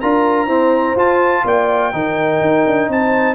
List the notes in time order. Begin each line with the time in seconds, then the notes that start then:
0.00 D4 F4 A#4 A#5
0.46 C4 E4 C5
0.95 F4 A5
1.44 A#3 D5 G5
1.92 D#3 D#4 A#4
2.41 D#4
2.66 D4
2.88 C4 C5 A5